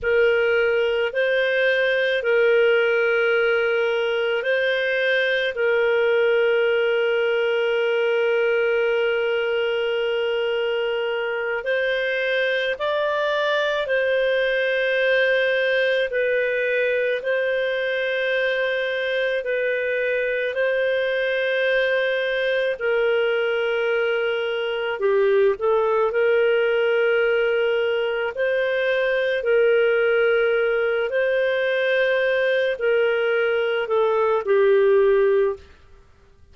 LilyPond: \new Staff \with { instrumentName = "clarinet" } { \time 4/4 \tempo 4 = 54 ais'4 c''4 ais'2 | c''4 ais'2.~ | ais'2~ ais'8 c''4 d''8~ | d''8 c''2 b'4 c''8~ |
c''4. b'4 c''4.~ | c''8 ais'2 g'8 a'8 ais'8~ | ais'4. c''4 ais'4. | c''4. ais'4 a'8 g'4 | }